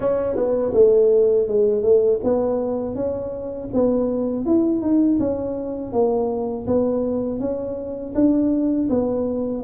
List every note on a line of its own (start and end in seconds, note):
0.00 0.35 C#4
0.35 0.72 B3
0.73 1.47 A3
1.47 1.82 G#3
1.82 2.20 A3
2.23 2.95 B3
2.95 3.69 C#4
3.73 4.45 B3
4.45 4.81 E4
4.81 5.18 D#4
5.19 5.92 C#4
5.92 6.66 A#3
6.67 7.39 B3
7.39 8.13 C#4
8.14 8.89 D4
8.89 9.63 B3